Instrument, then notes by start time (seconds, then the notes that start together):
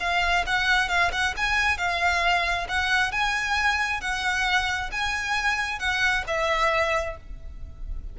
violin
0.00 F5
0.46 F#5
0.89 F5
1.12 F#5
1.37 G#5
1.78 F5
2.68 F#5
3.12 G#5
4.01 F#5
4.92 G#5
5.79 F#5
6.27 E5